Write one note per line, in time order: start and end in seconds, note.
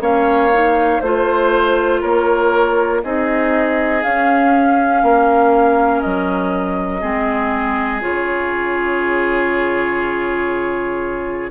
0.00 1.00 A#3
0.00 0.51 C#4
0.00 1.02 C#5
0.00 1.01 F5
0.52 1.02 D#4
1.01 2.02 A3
1.01 3.04 F4
1.01 2.01 C5
2.01 3.04 A#3
2.01 3.01 A#4
2.01 3.01 C#5
3.03 4.04 C4
3.03 4.04 D#4
3.03 5.04 G#4
3.03 4.03 D#5
4.03 7.01 C#4
4.03 5.03 C#4
4.03 6.01 F5
5.03 6.03 A#3
5.03 7.01 A#4
6.01 7.03 F#3
6.01 8.01 D#5
7.01 8.03 G#3
7.01 8.01 C4
7.01 11.51 G#4
8.01 11.51 C#3
8.01 11.51 F4
8.01 11.51 C#5